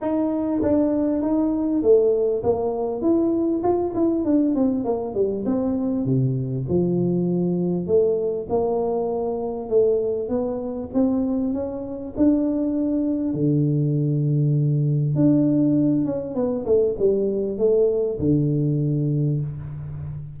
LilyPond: \new Staff \with { instrumentName = "tuba" } { \time 4/4 \tempo 4 = 99 dis'4 d'4 dis'4 a4 | ais4 e'4 f'8 e'8 d'8 c'8 | ais8 g8 c'4 c4 f4~ | f4 a4 ais2 |
a4 b4 c'4 cis'4 | d'2 d2~ | d4 d'4. cis'8 b8 a8 | g4 a4 d2 | }